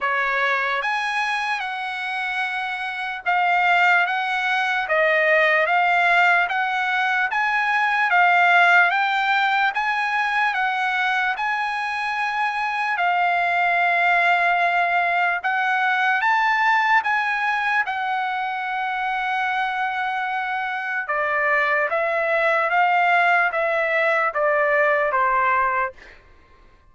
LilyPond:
\new Staff \with { instrumentName = "trumpet" } { \time 4/4 \tempo 4 = 74 cis''4 gis''4 fis''2 | f''4 fis''4 dis''4 f''4 | fis''4 gis''4 f''4 g''4 | gis''4 fis''4 gis''2 |
f''2. fis''4 | a''4 gis''4 fis''2~ | fis''2 d''4 e''4 | f''4 e''4 d''4 c''4 | }